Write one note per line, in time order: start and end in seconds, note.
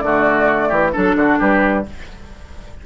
0.00 0.71 D3
0.00 0.94 A3
0.00 0.69 F#4
0.00 0.91 D5
0.69 0.94 E3
0.69 0.92 G4
0.93 1.16 F#3
0.93 1.85 D4
0.93 1.16 A4
0.93 1.40 A4
1.16 1.39 D3
1.16 1.39 F#4
1.39 1.86 G3
1.39 1.84 G4
1.39 1.86 B4